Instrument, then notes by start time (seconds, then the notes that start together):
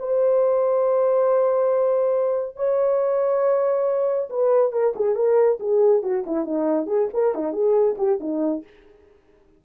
horn
0.00 C5
2.56 C#5
4.30 B4
4.73 A#4
4.96 G#4
5.16 A#4
5.60 G#4
6.03 F#4
6.26 E4
6.45 D#4
6.87 G#4
7.14 A#4
7.35 D#4
7.53 G#4
7.98 G4
8.21 D#4